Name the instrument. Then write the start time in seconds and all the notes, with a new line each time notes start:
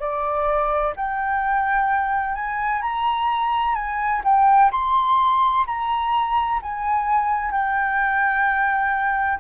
flute
0.00 D5
0.97 G5
2.35 G#5
2.82 A#5
3.75 G#5
4.25 G5
4.72 C6
5.67 A#5
6.63 G#5
7.52 G5